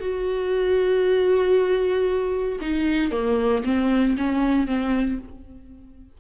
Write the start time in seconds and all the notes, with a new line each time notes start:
0.00 F#4
2.61 D#4
3.12 A#3
3.64 C4
4.17 C#4
4.67 C4